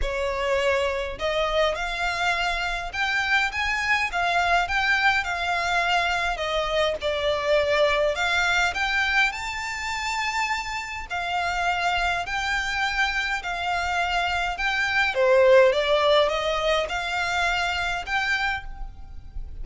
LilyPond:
\new Staff \with { instrumentName = "violin" } { \time 4/4 \tempo 4 = 103 cis''2 dis''4 f''4~ | f''4 g''4 gis''4 f''4 | g''4 f''2 dis''4 | d''2 f''4 g''4 |
a''2. f''4~ | f''4 g''2 f''4~ | f''4 g''4 c''4 d''4 | dis''4 f''2 g''4 | }